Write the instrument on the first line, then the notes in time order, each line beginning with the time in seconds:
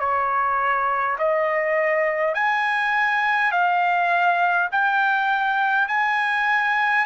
trumpet
0.00 C#5
1.19 D#5
2.35 G#5
3.52 F5
4.72 G5
5.88 G#5